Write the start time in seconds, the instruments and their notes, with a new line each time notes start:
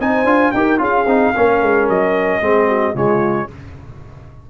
0.00 tuba C4, trombone D#4, horn C5, trumpet G#5
0.24 tuba D4, trombone F4
0.52 tuba D#4, trombone G4, horn A#4, trumpet G5
0.78 tuba C#4, trombone F4, horn G#4, trumpet F5
1.06 tuba C4, trombone D#4
1.34 tuba A#3, trombone C#4, horn A#4
1.62 tuba G#3
1.89 tuba F#3, trumpet D#5
2.41 tuba G#3, trombone C4, horn G#4
2.67 horn F#4
2.95 tuba C#3, trombone G#3, horn F4, trumpet C#5